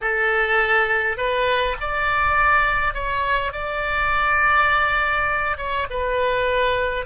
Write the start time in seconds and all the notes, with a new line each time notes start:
0.01 A4
1.17 B4
1.80 D5
2.94 C#5
3.52 D5
5.57 C#5
5.89 B4